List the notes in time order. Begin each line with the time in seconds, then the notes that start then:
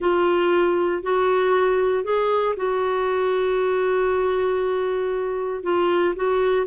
0.00 F4
1.02 F#4
2.04 G#4
2.56 F#4
5.63 F4
6.15 F#4